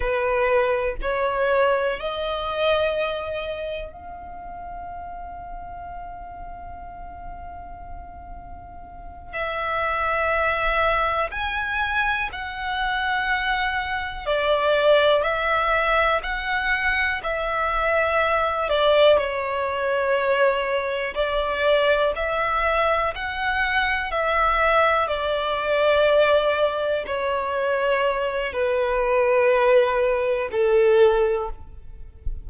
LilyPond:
\new Staff \with { instrumentName = "violin" } { \time 4/4 \tempo 4 = 61 b'4 cis''4 dis''2 | f''1~ | f''4. e''2 gis''8~ | gis''8 fis''2 d''4 e''8~ |
e''8 fis''4 e''4. d''8 cis''8~ | cis''4. d''4 e''4 fis''8~ | fis''8 e''4 d''2 cis''8~ | cis''4 b'2 a'4 | }